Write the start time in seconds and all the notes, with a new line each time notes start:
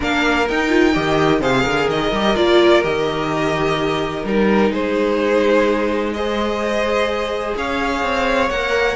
0.00 A#3 D4 A#4 F5
0.48 D#4 G5
0.68 F4
0.94 D#3 G4 D#5
1.40 C3 G#4 C5 F5
1.63 D3 A#4
1.88 D#3 D#5
2.11 G3 G4
2.35 A#3 F4 D5
2.82 D#3 G4 D#5
4.24 G3 D#4 A#4
4.70 G#3 G#4 C5
6.13 G#4 C5 D#5
7.56 C#4 C#5 F5
8.02 C4
8.49 A#3 A#4 F#5